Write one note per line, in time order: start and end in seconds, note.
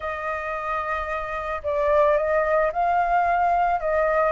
0.00 1.61 D#5
1.63 2.17 D5
2.17 2.71 D#5
2.72 3.80 F5
3.80 4.32 D#5